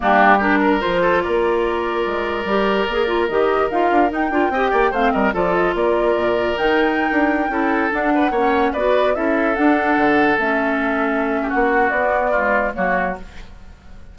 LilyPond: <<
  \new Staff \with { instrumentName = "flute" } { \time 4/4 \tempo 4 = 146 g'4 ais'4 c''4 d''4~ | d''1 | dis''4 f''4 g''2 | f''8 dis''8 d''8 dis''8 d''2 |
g''2.~ g''16 fis''8.~ | fis''4~ fis''16 d''4 e''4 fis''8.~ | fis''4~ fis''16 e''2~ e''8. | fis''4 d''2 cis''4 | }
  \new Staff \with { instrumentName = "oboe" } { \time 4/4 d'4 g'8 ais'4 a'8 ais'4~ | ais'1~ | ais'2. dis''8 d''8 | c''8 ais'8 a'4 ais'2~ |
ais'2~ ais'16 a'4. b'16~ | b'16 cis''4 b'4 a'4.~ a'16~ | a'2.~ a'8. g'16 | fis'2 f'4 fis'4 | }
  \new Staff \with { instrumentName = "clarinet" } { \time 4/4 ais4 d'4 f'2~ | f'2 g'4 gis'8 f'8 | g'4 f'4 dis'8 f'8 g'4 | c'4 f'2. |
dis'2~ dis'16 e'4 d'8.~ | d'16 cis'4 fis'4 e'4 d'8.~ | d'4~ d'16 cis'2~ cis'8.~ | cis'4 b4 gis4 ais4 | }
  \new Staff \with { instrumentName = "bassoon" } { \time 4/4 g2 f4 ais4~ | ais4 gis4 g4 ais4 | dis4 dis'8 d'8 dis'8 d'8 c'8 ais8 | a8 g8 f4 ais4 ais,4 |
dis4~ dis16 d'4 cis'4 d'8.~ | d'16 ais4 b4 cis'4 d'8.~ | d'16 d4 a2~ a8. | ais4 b2 fis4 | }
>>